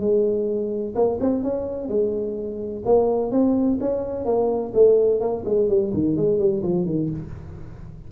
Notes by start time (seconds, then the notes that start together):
0.00 G#3
0.95 A#3
1.20 C4
1.43 C#4
1.88 G#3
2.85 A#3
3.31 C4
3.81 C#4
4.25 A#3
4.74 A3
5.20 A#3
5.45 G#3
5.69 G3
5.93 D#3
6.16 G#3
6.39 G3
6.63 F3
6.86 D#3